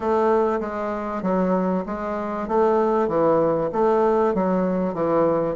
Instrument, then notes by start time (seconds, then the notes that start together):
bassoon
0.00 A3
0.60 G#3
1.22 F#3
1.86 G#3
2.47 A3
3.08 E3
3.72 A3
4.34 F#3
4.93 E3